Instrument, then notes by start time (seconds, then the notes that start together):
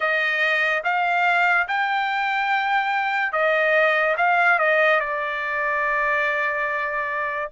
trumpet
0.00 D#5
0.84 F5
1.67 G5
3.32 D#5
4.17 F5
4.58 D#5
5.00 D5